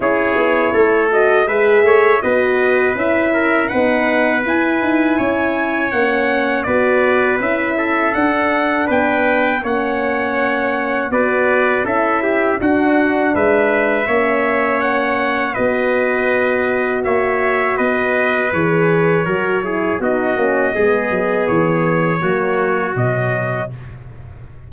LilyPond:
<<
  \new Staff \with { instrumentName = "trumpet" } { \time 4/4 \tempo 4 = 81 cis''4. dis''8 e''4 dis''4 | e''4 fis''4 gis''2 | fis''4 d''4 e''4 fis''4 | g''4 fis''2 d''4 |
e''4 fis''4 e''2 | fis''4 dis''2 e''4 | dis''4 cis''2 dis''4~ | dis''4 cis''2 dis''4 | }
  \new Staff \with { instrumentName = "trumpet" } { \time 4/4 gis'4 a'4 b'8 cis''8 b'4~ | b'8 ais'8 b'2 cis''4~ | cis''4 b'4. a'4. | b'4 cis''2 b'4 |
a'8 g'8 fis'4 b'4 cis''4~ | cis''4 b'2 cis''4 | b'2 ais'8 gis'8 fis'4 | gis'2 fis'2 | }
  \new Staff \with { instrumentName = "horn" } { \time 4/4 e'4. fis'8 gis'4 fis'4 | e'4 dis'4 e'2 | cis'4 fis'4 e'4 d'4~ | d'4 cis'2 fis'4 |
e'4 d'2 cis'4~ | cis'4 fis'2.~ | fis'4 gis'4 fis'8 e'8 dis'8 cis'8 | b2 ais4 fis4 | }
  \new Staff \with { instrumentName = "tuba" } { \time 4/4 cis'8 b8 a4 gis8 a8 b4 | cis'4 b4 e'8 dis'8 cis'4 | ais4 b4 cis'4 d'4 | b4 ais2 b4 |
cis'4 d'4 gis4 ais4~ | ais4 b2 ais4 | b4 e4 fis4 b8 ais8 | gis8 fis8 e4 fis4 b,4 | }
>>